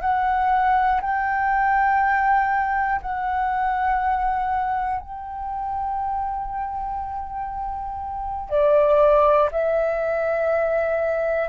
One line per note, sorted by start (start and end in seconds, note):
0.00 1.00 F#5
1.00 3.00 G5
3.01 5.00 F#5
5.00 8.50 G5
8.50 9.50 D5
9.51 11.49 E5